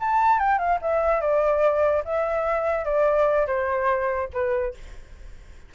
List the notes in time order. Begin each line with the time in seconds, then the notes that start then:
0.00 A5
0.39 G5
0.58 F5
0.81 E5
1.21 D5
2.05 E5
2.84 D5
3.47 C5
4.33 B4